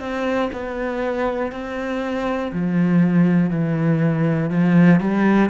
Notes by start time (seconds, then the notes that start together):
0.00 C4
0.53 B3
1.52 C4
2.53 F3
3.51 E3
4.50 F3
5.01 G3